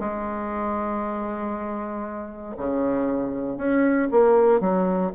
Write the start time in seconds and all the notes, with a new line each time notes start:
0.00 G#3
2.57 C#3
3.57 C#4
4.12 A#3
4.61 F#3